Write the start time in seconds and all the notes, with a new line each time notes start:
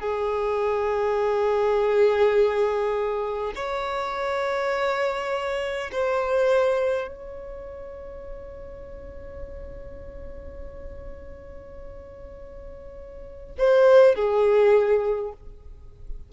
0.00 G#4
3.56 C#5
5.92 C5
7.08 C#5
13.58 C5
14.15 G#4